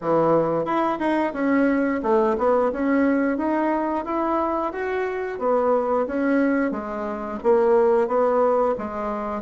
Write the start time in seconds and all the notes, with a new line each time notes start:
0.01 E3
0.65 E4
0.99 D#4
1.33 C#4
2.02 A3
2.38 B3
2.72 C#4
3.37 D#4
4.04 E4
4.72 F#4
5.38 B3
6.06 C#4
6.71 G#3
7.43 A#3
8.07 B3
8.78 G#3